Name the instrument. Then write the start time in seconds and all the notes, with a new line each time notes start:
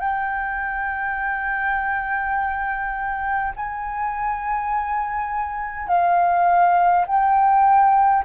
flute
0.00 G5
3.57 G#5
5.88 F5
7.07 G5